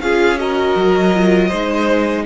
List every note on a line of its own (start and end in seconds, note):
0.00 0.75 C#4
0.00 0.38 F4
0.00 0.40 G#4
0.00 0.38 F5
0.38 1.13 F#4
0.38 1.48 A#4
0.38 2.26 D#5
0.76 1.51 F#3
1.14 1.52 F4
1.48 2.26 G#3
1.48 2.26 D#4
1.48 2.23 C5